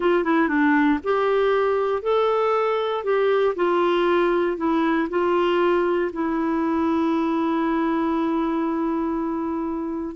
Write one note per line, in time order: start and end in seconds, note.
0.00 0.23 F4
0.23 0.48 E4
0.48 0.99 D4
1.03 2.02 G4
2.02 3.04 A4
3.04 3.55 G4
3.55 4.57 F4
4.57 5.08 E4
5.09 6.11 F4
6.12 10.15 E4